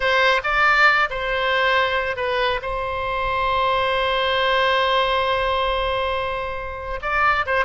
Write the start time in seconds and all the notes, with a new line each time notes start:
0.00 C5
0.43 D5
1.09 C5
2.16 B4
2.62 C5
7.02 D5
7.46 C5